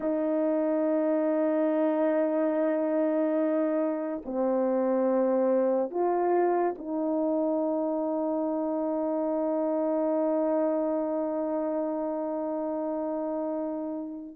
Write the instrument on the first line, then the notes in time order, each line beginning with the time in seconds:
horn
0.00 D#4
4.25 C4
5.90 F4
6.78 D#4